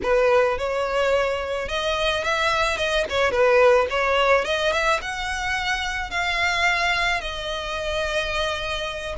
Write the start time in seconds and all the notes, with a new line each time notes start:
0.02 B4
0.57 C#5
1.68 D#5
2.23 E5
2.77 D#5
3.09 C#5
3.31 B4
3.89 C#5
4.44 D#5
4.72 E5
5.01 F#5
6.10 F5
7.20 D#5